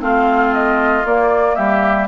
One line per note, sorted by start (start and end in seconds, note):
0.00 1.04 A3
0.00 1.03 C4
0.00 1.56 F4
0.00 0.54 F5
0.54 1.05 D#5
1.05 1.57 A#3
1.05 2.08 A#3
1.05 1.55 D5
1.55 2.08 G3
1.55 2.08 G4
1.55 2.07 E5